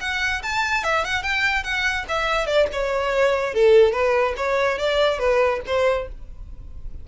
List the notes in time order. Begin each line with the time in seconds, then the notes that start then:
0.00 F#5
0.42 A5
0.83 E5
1.04 F#5
1.22 G5
1.63 F#5
2.08 E5
2.46 D5
2.72 C#5
3.54 A4
3.92 B4
4.36 C#5
4.78 D5
5.19 B4
5.66 C5